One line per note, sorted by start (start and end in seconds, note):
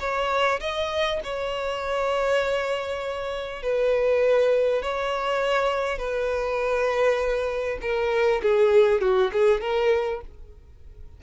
0.00 0.60 C#5
0.60 1.20 D#5
1.24 3.63 C#5
3.63 4.82 B4
4.82 5.99 C#5
5.99 7.79 B4
7.82 8.42 A#4
8.42 9.01 G#4
9.01 9.31 F#4
9.33 9.61 G#4
9.61 10.21 A#4